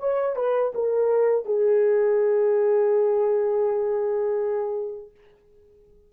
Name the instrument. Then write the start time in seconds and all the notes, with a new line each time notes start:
horn
0.00 C#5
0.36 B4
0.75 A#4
1.46 G#4